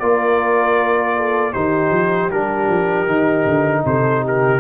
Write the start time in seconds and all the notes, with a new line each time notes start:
0.00 A#3 F4 A#4 D5
1.17 A4
1.52 D#3 D#4 G4 C5
1.91 F3
2.30 G3 D4 A#4
2.69 F3
3.06 D#3 D#4
3.46 D3
3.85 C3 A4 C5
4.24 G4 A#4